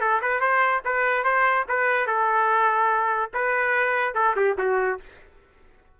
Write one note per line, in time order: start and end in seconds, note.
0.00 0.21 A4
0.22 0.40 B4
0.40 0.82 C5
0.85 1.24 B4
1.24 1.65 C5
1.68 2.07 B4
2.07 3.31 A4
3.33 4.14 B4
4.14 4.35 A4
4.36 4.57 G4
4.58 4.99 F#4